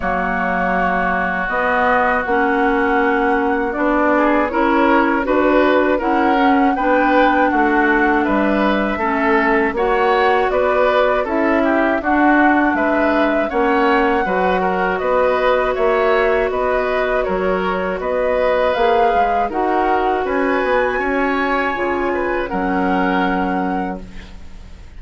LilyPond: <<
  \new Staff \with { instrumentName = "flute" } { \time 4/4 \tempo 4 = 80 cis''2 dis''4 fis''4~ | fis''4 d''4 cis''4 b'4 | fis''4 g''4 fis''4 e''4~ | e''4 fis''4 d''4 e''4 |
fis''4 e''4 fis''2 | dis''4 e''4 dis''4 cis''4 | dis''4 f''4 fis''4 gis''4~ | gis''2 fis''2 | }
  \new Staff \with { instrumentName = "oboe" } { \time 4/4 fis'1~ | fis'4. gis'8 ais'4 b'4 | ais'4 b'4 fis'4 b'4 | a'4 cis''4 b'4 a'8 g'8 |
fis'4 b'4 cis''4 b'8 ais'8 | b'4 cis''4 b'4 ais'4 | b'2 ais'4 b'4 | cis''4. b'8 ais'2 | }
  \new Staff \with { instrumentName = "clarinet" } { \time 4/4 ais2 b4 cis'4~ | cis'4 d'4 e'4 fis'4 | e'8 cis'8 d'2. | cis'4 fis'2 e'4 |
d'2 cis'4 fis'4~ | fis'1~ | fis'4 gis'4 fis'2~ | fis'4 f'4 cis'2 | }
  \new Staff \with { instrumentName = "bassoon" } { \time 4/4 fis2 b4 ais4~ | ais4 b4 cis'4 d'4 | cis'4 b4 a4 g4 | a4 ais4 b4 cis'4 |
d'4 gis4 ais4 fis4 | b4 ais4 b4 fis4 | b4 ais8 gis8 dis'4 cis'8 b8 | cis'4 cis4 fis2 | }
>>